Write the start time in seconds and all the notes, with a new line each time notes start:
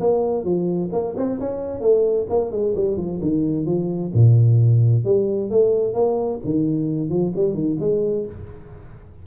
0.00 A#3
0.44 F3
0.92 A#3
1.16 C4
1.40 C#4
1.80 A3
2.29 A#3
2.51 G#3
2.75 G3
2.97 F3
3.21 D#3
3.66 F3
4.14 A#2
5.04 G3
5.50 A3
5.94 A#3
6.44 D#3
7.09 F3
7.35 G3
7.54 D#3
7.80 G#3